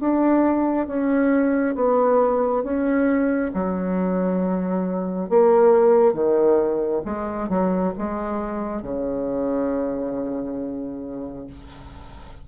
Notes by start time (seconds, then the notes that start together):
0.00 D4
0.87 C#4
1.75 B3
2.64 C#4
3.54 F#3
5.29 A#3
6.14 D#3
7.05 G#3
7.49 F#3
7.98 G#3
8.82 C#3